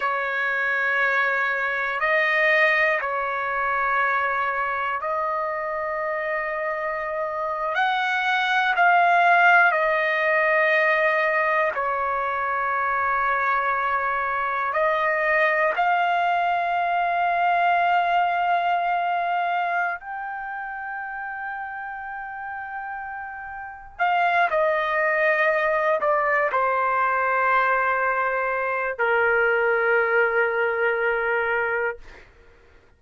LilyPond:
\new Staff \with { instrumentName = "trumpet" } { \time 4/4 \tempo 4 = 60 cis''2 dis''4 cis''4~ | cis''4 dis''2~ dis''8. fis''16~ | fis''8. f''4 dis''2 cis''16~ | cis''2~ cis''8. dis''4 f''16~ |
f''1 | g''1 | f''8 dis''4. d''8 c''4.~ | c''4 ais'2. | }